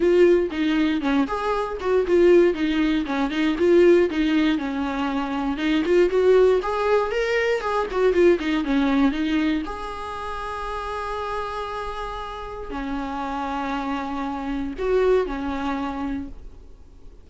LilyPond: \new Staff \with { instrumentName = "viola" } { \time 4/4 \tempo 4 = 118 f'4 dis'4 cis'8 gis'4 fis'8 | f'4 dis'4 cis'8 dis'8 f'4 | dis'4 cis'2 dis'8 f'8 | fis'4 gis'4 ais'4 gis'8 fis'8 |
f'8 dis'8 cis'4 dis'4 gis'4~ | gis'1~ | gis'4 cis'2.~ | cis'4 fis'4 cis'2 | }